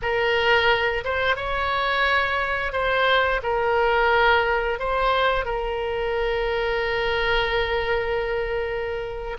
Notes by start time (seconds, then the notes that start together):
0.02 A#4
1.04 C5
1.35 C#5
2.72 C5
3.42 A#4
4.79 C5
5.45 A#4